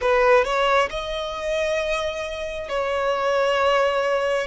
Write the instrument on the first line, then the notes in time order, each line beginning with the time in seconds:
violin
0.01 B4
0.44 C#5
0.90 D#5
2.68 C#5